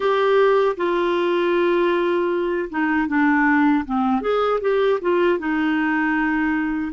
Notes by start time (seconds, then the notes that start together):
0.00 G4
0.77 F4
2.70 D#4
3.07 D4
3.85 C4
4.21 G#4
4.60 G4
5.01 F4
5.38 D#4